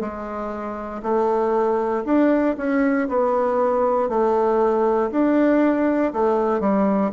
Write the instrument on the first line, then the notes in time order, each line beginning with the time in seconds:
bassoon
0.00 G#3
1.02 A3
2.04 D4
2.57 C#4
3.08 B3
4.09 A3
5.10 D4
6.12 A3
6.60 G3